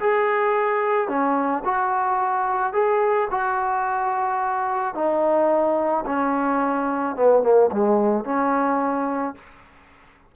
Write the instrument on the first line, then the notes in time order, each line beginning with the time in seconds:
trombone
0.00 G#4
1.08 C#4
1.65 F#4
2.73 G#4
3.31 F#4
4.95 D#4
6.06 C#4
7.16 B3
7.43 A#3
7.72 G#3
8.25 C#4